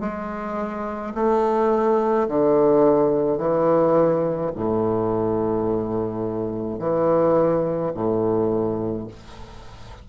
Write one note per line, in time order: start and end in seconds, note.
0.00 1.13 G#3
1.14 2.27 A3
2.28 3.37 D3
3.37 4.50 E3
4.55 6.79 A2
6.79 7.92 E3
7.93 9.07 A2